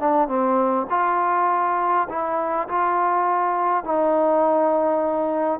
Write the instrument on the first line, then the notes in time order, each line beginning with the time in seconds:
trombone
0.00 D4
0.28 C4
0.90 F4
2.09 E4
2.68 F4
3.84 D#4